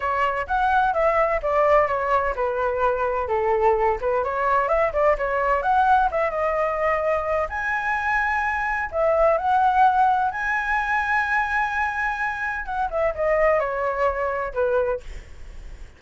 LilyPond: \new Staff \with { instrumentName = "flute" } { \time 4/4 \tempo 4 = 128 cis''4 fis''4 e''4 d''4 | cis''4 b'2 a'4~ | a'8 b'8 cis''4 e''8 d''8 cis''4 | fis''4 e''8 dis''2~ dis''8 |
gis''2. e''4 | fis''2 gis''2~ | gis''2. fis''8 e''8 | dis''4 cis''2 b'4 | }